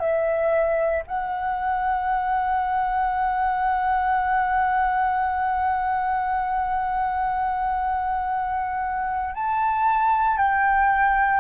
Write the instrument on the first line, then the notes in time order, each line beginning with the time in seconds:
flute
0.00 E5
1.07 F#5
9.35 A5
10.37 G5